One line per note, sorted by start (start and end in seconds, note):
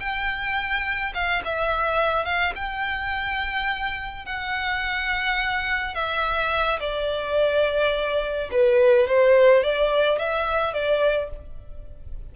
0.00 1.13 G5
1.14 1.43 F5
1.45 2.25 E5
2.25 2.53 F5
2.56 4.26 G5
4.26 5.95 F#5
5.95 6.80 E5
6.80 8.50 D5
8.52 9.08 B4
9.08 9.64 C5
9.64 10.19 D5
10.19 10.74 E5
10.74 11.30 D5